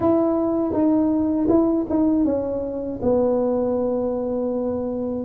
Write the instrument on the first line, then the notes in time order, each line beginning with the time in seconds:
tuba
0.00 E4
0.72 D#4
1.48 E4
1.90 D#4
2.24 C#4
3.02 B3